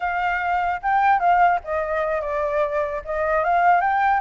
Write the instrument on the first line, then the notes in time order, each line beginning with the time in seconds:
flute
0.00 F5
0.82 G5
1.19 F5
1.64 D#5
2.21 D5
3.04 D#5
3.44 F5
3.80 G5